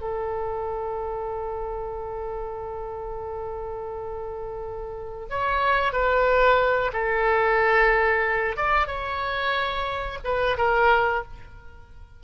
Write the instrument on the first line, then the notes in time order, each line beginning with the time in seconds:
oboe
0.00 A4
5.29 C#5
5.92 B4
6.92 A4
8.56 D5
8.87 C#5
10.23 B4
10.57 A#4